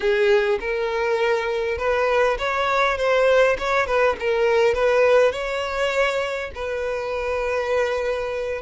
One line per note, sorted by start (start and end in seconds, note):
0.00 0.59 G#4
0.60 1.78 A#4
1.78 2.37 B4
2.38 2.97 C#5
2.97 3.56 C5
3.58 3.86 C#5
3.86 4.16 B4
4.19 4.74 A#4
4.74 5.32 B4
5.32 6.50 C#5
6.55 8.61 B4